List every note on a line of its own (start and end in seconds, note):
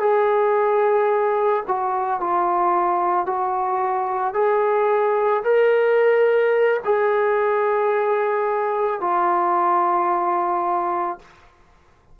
0.00 1.64 G#4
1.68 2.21 F#4
2.21 3.26 F4
3.26 4.34 F#4
4.34 5.43 G#4
5.44 6.81 A#4
6.85 9.01 G#4
9.01 11.19 F4